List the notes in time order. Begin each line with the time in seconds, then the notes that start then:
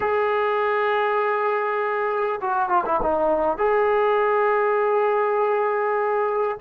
0.00 G#4
2.41 F#4
2.69 F4
2.85 E4
3.02 D#4
3.57 G#4